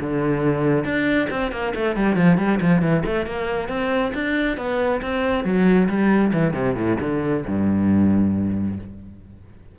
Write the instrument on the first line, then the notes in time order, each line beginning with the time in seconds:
cello
0.00 D3
0.84 D4
1.30 C4
1.51 A#3
1.75 A3
1.96 G3
2.16 F3
2.37 G3
2.60 F3
2.81 E3
3.05 A3
3.25 A#3
3.68 C4
4.14 D4
4.57 B3
5.01 C4
5.44 F#3
5.88 G3
6.33 E3
6.53 C3
6.75 A2
7.00 D3
7.47 G2